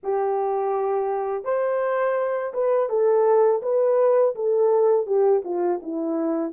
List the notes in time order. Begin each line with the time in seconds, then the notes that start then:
0.03 G4
1.44 C5
2.53 B4
2.89 A4
3.62 B4
4.35 A4
5.06 G4
5.44 F4
5.82 E4